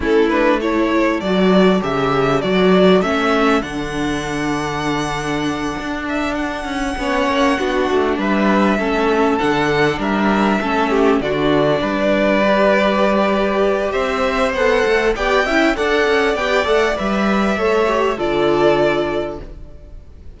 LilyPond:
<<
  \new Staff \with { instrumentName = "violin" } { \time 4/4 \tempo 4 = 99 a'8 b'8 cis''4 d''4 e''4 | d''4 e''4 fis''2~ | fis''2 e''8 fis''4.~ | fis''4. e''2 fis''8~ |
fis''8 e''2 d''4.~ | d''2. e''4 | fis''4 g''4 fis''4 g''8 fis''8 | e''2 d''2 | }
  \new Staff \with { instrumentName = "violin" } { \time 4/4 e'4 a'2.~ | a'1~ | a'2.~ a'8 cis''8~ | cis''8 fis'4 b'4 a'4.~ |
a'8 ais'4 a'8 g'8 fis'4 b'8~ | b'2. c''4~ | c''4 d''8 e''8 d''2~ | d''4 cis''4 a'2 | }
  \new Staff \with { instrumentName = "viola" } { \time 4/4 cis'8 d'8 e'4 fis'4 g'4 | fis'4 cis'4 d'2~ | d'2.~ d'8 cis'8~ | cis'8 d'2 cis'4 d'8~ |
d'4. cis'4 d'4.~ | d'8 g'2.~ g'8 | a'4 g'8 e'8 a'4 g'8 a'8 | b'4 a'8 g'8 f'2 | }
  \new Staff \with { instrumentName = "cello" } { \time 4/4 a2 fis4 cis4 | fis4 a4 d2~ | d4. d'4. cis'8 b8 | ais8 b8 a8 g4 a4 d8~ |
d8 g4 a4 d4 g8~ | g2. c'4 | b8 a8 b8 cis'8 d'8 cis'8 b8 a8 | g4 a4 d2 | }
>>